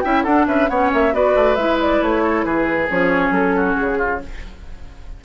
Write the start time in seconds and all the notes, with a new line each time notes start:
0.00 C#4 E4 E5 G5
0.23 D4 A4 F#5
0.47 C#4 B4 E5
0.68 B3 C#4 C#5 F#5
0.93 A#3 E5
1.12 B3 F#4 B4 D5
1.35 A3
1.55 G#3 E4 E5
1.80 D5
2.01 A3 C#5
2.23 A4
2.44 E3 G#4 B4
2.88 F3 C#4 C#5
3.30 F#3 A4
3.55 F#4
3.76 C#3 G#4
3.98 F4